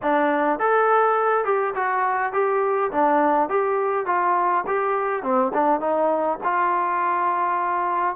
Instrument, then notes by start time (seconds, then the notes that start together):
trombone
0.02 D4
0.59 A4
1.45 G4
1.74 F#4
2.32 G4
2.91 D4
3.49 G4
4.06 F4
4.66 G4
5.22 C4
5.53 D4
5.80 D#4
6.43 F4